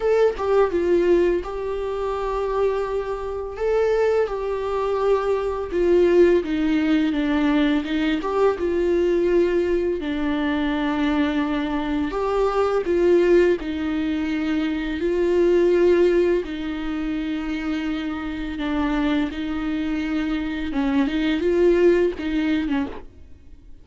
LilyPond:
\new Staff \with { instrumentName = "viola" } { \time 4/4 \tempo 4 = 84 a'8 g'8 f'4 g'2~ | g'4 a'4 g'2 | f'4 dis'4 d'4 dis'8 g'8 | f'2 d'2~ |
d'4 g'4 f'4 dis'4~ | dis'4 f'2 dis'4~ | dis'2 d'4 dis'4~ | dis'4 cis'8 dis'8 f'4 dis'8. cis'16 | }